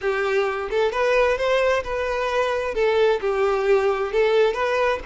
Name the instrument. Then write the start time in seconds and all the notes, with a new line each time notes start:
violin
0.01 G4
0.70 A4
0.92 B4
1.37 C5
1.83 B4
2.74 A4
3.21 G4
4.12 A4
4.53 B4